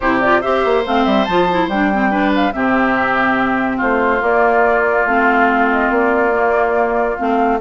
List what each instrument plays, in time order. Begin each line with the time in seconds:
0.00 bassoon C3, clarinet E4, oboe G4, flute C5
0.20 clarinet F4, flute D5
0.41 bassoon C4, clarinet G4, oboe C5, flute E5
0.65 bassoon A#3
0.85 bassoon A3, clarinet C4, flute F5
1.04 bassoon G3, flute E5
1.25 bassoon F3, clarinet F4, flute A5
1.50 clarinet E4
1.67 bassoon G3, clarinet D4, flute G5
1.93 clarinet C4
2.10 clarinet D4, oboe B4
2.35 flute F5
2.52 bassoon C3, clarinet C4, oboe G4, flute E5
3.76 bassoon A3, oboe F4, flute C5
4.19 clarinet A#3, bassoon A#3, flute D5
5.05 bassoon A3, clarinet C4, flute F5
5.71 flute D#5
5.90 bassoon A#3, flute D5
6.32 clarinet A#3
7.17 bassoon A3, clarinet C4, flute F5